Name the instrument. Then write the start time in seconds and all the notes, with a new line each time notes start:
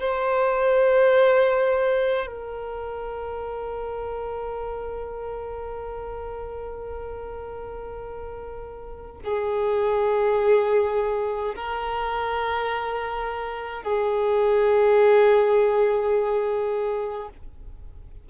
violin
0.00 C5
2.27 A#4
9.25 G#4
11.56 A#4
13.84 G#4